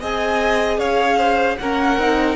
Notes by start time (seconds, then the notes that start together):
0.00 C4 G#4 D#5 G#5
0.78 C#4 C#5 F5
1.17 C5
1.57 A#3 C#4 A#4 F#5
1.97 C4 D#4